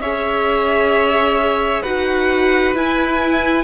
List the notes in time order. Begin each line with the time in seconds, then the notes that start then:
0.00 C#4 G#4 C#5 E5
1.82 D#4 F#4 B4 F#5
2.75 E4 G#5